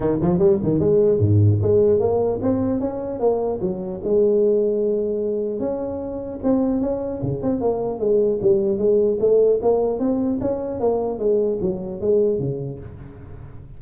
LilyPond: \new Staff \with { instrumentName = "tuba" } { \time 4/4 \tempo 4 = 150 dis8 f8 g8 dis8 gis4 gis,4 | gis4 ais4 c'4 cis'4 | ais4 fis4 gis2~ | gis2 cis'2 |
c'4 cis'4 cis8 c'8 ais4 | gis4 g4 gis4 a4 | ais4 c'4 cis'4 ais4 | gis4 fis4 gis4 cis4 | }